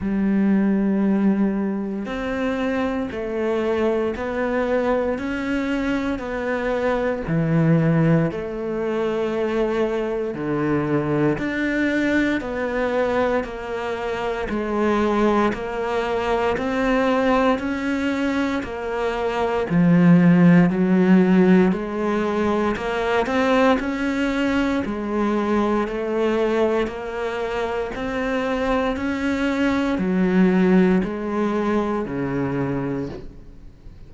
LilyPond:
\new Staff \with { instrumentName = "cello" } { \time 4/4 \tempo 4 = 58 g2 c'4 a4 | b4 cis'4 b4 e4 | a2 d4 d'4 | b4 ais4 gis4 ais4 |
c'4 cis'4 ais4 f4 | fis4 gis4 ais8 c'8 cis'4 | gis4 a4 ais4 c'4 | cis'4 fis4 gis4 cis4 | }